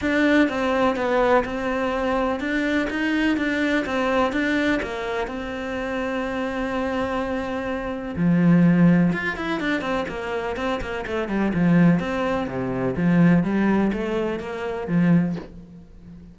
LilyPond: \new Staff \with { instrumentName = "cello" } { \time 4/4 \tempo 4 = 125 d'4 c'4 b4 c'4~ | c'4 d'4 dis'4 d'4 | c'4 d'4 ais4 c'4~ | c'1~ |
c'4 f2 f'8 e'8 | d'8 c'8 ais4 c'8 ais8 a8 g8 | f4 c'4 c4 f4 | g4 a4 ais4 f4 | }